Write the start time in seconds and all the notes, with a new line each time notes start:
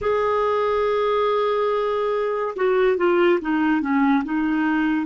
0.01 G#4
2.56 F#4
2.97 F4
3.41 D#4
3.81 C#4
4.24 D#4